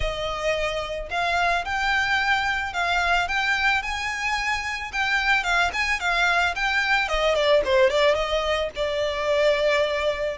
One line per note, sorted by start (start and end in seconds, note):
0.00 1.09 D#5
1.10 1.64 F5
1.64 2.73 G5
2.73 3.28 F5
3.28 3.82 G5
3.82 4.91 G#5
4.92 5.43 G5
5.43 5.70 F5
5.73 6.00 G#5
6.00 6.54 F5
6.55 7.08 G5
7.08 7.34 D#5
7.34 7.62 D5
7.64 7.89 C5
7.89 8.14 D5
8.14 8.69 D#5
8.75 10.37 D5